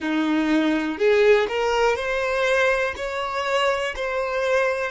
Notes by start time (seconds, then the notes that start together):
0.00 D#4
0.97 G#4
1.48 A#4
1.95 C5
2.96 C#5
3.95 C5